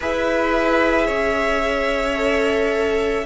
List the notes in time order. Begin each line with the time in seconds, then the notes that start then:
0.00 E4 G#4 B4 E5
1.06 C#4 C#5
2.16 A4